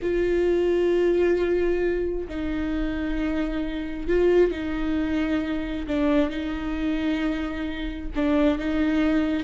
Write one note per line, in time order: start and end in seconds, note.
0.02 2.27 F4
2.28 4.07 D#4
4.07 4.51 F4
4.51 5.86 D#4
5.87 6.30 D4
6.30 8.10 D#4
8.15 8.58 D4
8.58 9.43 D#4